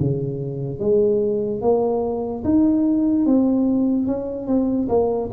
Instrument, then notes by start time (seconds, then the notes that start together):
tuba
0.00 C#3
0.80 G#3
1.62 A#3
2.44 D#4
3.26 C4
4.07 C#4
4.47 C4
4.89 A#3